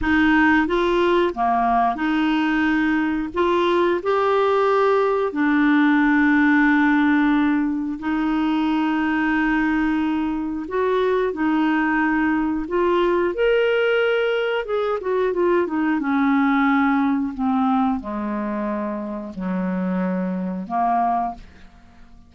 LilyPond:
\new Staff \with { instrumentName = "clarinet" } { \time 4/4 \tempo 4 = 90 dis'4 f'4 ais4 dis'4~ | dis'4 f'4 g'2 | d'1 | dis'1 |
fis'4 dis'2 f'4 | ais'2 gis'8 fis'8 f'8 dis'8 | cis'2 c'4 gis4~ | gis4 fis2 ais4 | }